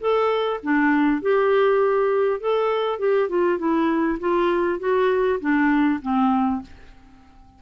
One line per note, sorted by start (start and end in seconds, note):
0.00 0.60 A4
0.63 1.22 D4
1.22 2.41 G4
2.41 2.99 A4
2.99 3.29 G4
3.29 3.59 F4
3.59 4.19 E4
4.20 4.79 F4
4.79 5.39 F#4
5.40 6.00 D4
6.02 6.62 C4